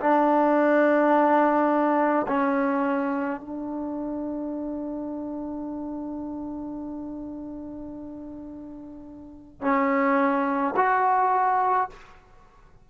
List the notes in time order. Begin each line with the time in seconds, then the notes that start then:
0.00 D4
2.27 C#4
3.40 D4
9.61 C#4
10.76 F#4